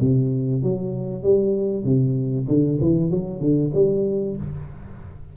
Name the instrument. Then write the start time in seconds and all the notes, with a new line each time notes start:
tuba
0.00 C3
0.62 F#3
1.23 G3
1.84 C3
2.48 D3
2.81 E3
3.11 F#3
3.40 D3
3.74 G3